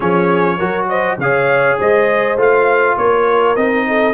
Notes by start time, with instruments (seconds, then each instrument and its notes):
0.00 tuba F3, trombone C#4, horn G#4, trumpet C#5
0.58 tuba F#3, trombone F#4, horn A#4
0.88 horn C5, trumpet D#5
1.18 tuba C#3, trombone G#4, horn C#5, trumpet F5
1.78 tuba G#3, horn C5, trumpet D#5
2.37 tuba A3, trombone F4, trumpet F5
2.97 tuba A#3, horn A#4, trumpet C#5
3.56 tuba C4, trombone D#4, trumpet D#5
3.87 horn A4